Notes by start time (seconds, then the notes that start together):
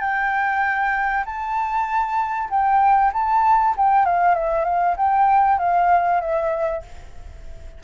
0.00 G5
1.25 A5
2.49 G5
3.13 A5
3.76 G5
4.05 F5
4.34 E5
4.64 F5
4.96 G5
5.58 F5
6.20 E5